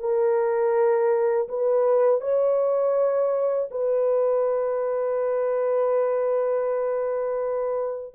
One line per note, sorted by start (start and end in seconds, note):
0.00 1.48 A#4
1.49 2.21 B4
2.21 3.69 C#5
3.71 8.15 B4